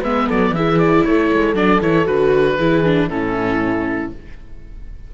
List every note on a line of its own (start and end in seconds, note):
0.00 0.28 G#3
0.00 0.55 B3
0.00 0.26 B4
0.00 0.29 E5
0.26 0.50 F#3
0.26 0.52 A4
0.26 0.54 D5
0.50 1.02 E3
0.50 1.55 E4
0.50 1.06 G#4
0.50 0.78 E5
0.78 1.04 D5
1.04 1.31 A3
1.04 2.57 A4
1.04 1.55 C#5
1.32 1.54 G#3
1.54 1.80 F#3
1.54 1.81 D4
1.54 1.81 D5
1.81 2.07 E3
1.81 2.05 E4
1.81 2.06 C#5
2.05 2.59 D3
2.05 2.56 F#4
2.05 3.09 B4
2.57 3.09 E3
2.57 2.84 E4
2.57 3.09 G#4
2.84 3.10 D4
3.09 4.11 A2
3.09 4.12 C#4
3.09 4.14 E4
3.09 4.12 A4